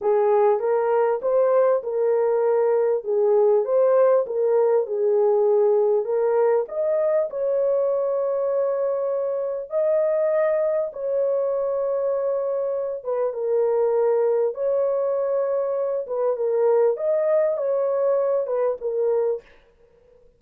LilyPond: \new Staff \with { instrumentName = "horn" } { \time 4/4 \tempo 4 = 99 gis'4 ais'4 c''4 ais'4~ | ais'4 gis'4 c''4 ais'4 | gis'2 ais'4 dis''4 | cis''1 |
dis''2 cis''2~ | cis''4. b'8 ais'2 | cis''2~ cis''8 b'8 ais'4 | dis''4 cis''4. b'8 ais'4 | }